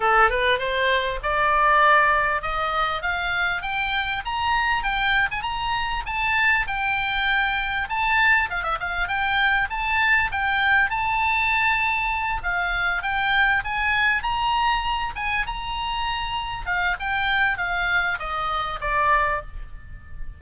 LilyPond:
\new Staff \with { instrumentName = "oboe" } { \time 4/4 \tempo 4 = 99 a'8 b'8 c''4 d''2 | dis''4 f''4 g''4 ais''4 | g''8. gis''16 ais''4 a''4 g''4~ | g''4 a''4 f''16 e''16 f''8 g''4 |
a''4 g''4 a''2~ | a''8 f''4 g''4 gis''4 ais''8~ | ais''4 gis''8 ais''2 f''8 | g''4 f''4 dis''4 d''4 | }